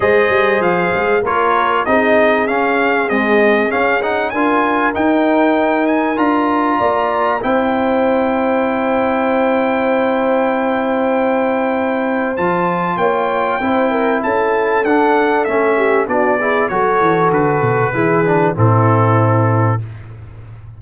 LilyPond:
<<
  \new Staff \with { instrumentName = "trumpet" } { \time 4/4 \tempo 4 = 97 dis''4 f''4 cis''4 dis''4 | f''4 dis''4 f''8 fis''8 gis''4 | g''4. gis''8 ais''2 | g''1~ |
g''1 | a''4 g''2 a''4 | fis''4 e''4 d''4 cis''4 | b'2 a'2 | }
  \new Staff \with { instrumentName = "horn" } { \time 4/4 c''2 ais'4 gis'4~ | gis'2. ais'4~ | ais'2. d''4 | c''1~ |
c''1~ | c''4 cis''4 c''8 ais'8 a'4~ | a'4. g'8 fis'8 gis'8 a'4~ | a'4 gis'4 e'2 | }
  \new Staff \with { instrumentName = "trombone" } { \time 4/4 gis'2 f'4 dis'4 | cis'4 gis4 cis'8 dis'8 f'4 | dis'2 f'2 | e'1~ |
e'1 | f'2 e'2 | d'4 cis'4 d'8 e'8 fis'4~ | fis'4 e'8 d'8 c'2 | }
  \new Staff \with { instrumentName = "tuba" } { \time 4/4 gis8 g8 f8 gis8 ais4 c'4 | cis'4 c'4 cis'4 d'4 | dis'2 d'4 ais4 | c'1~ |
c'1 | f4 ais4 c'4 cis'4 | d'4 a4 b4 fis8 e8 | d8 b,8 e4 a,2 | }
>>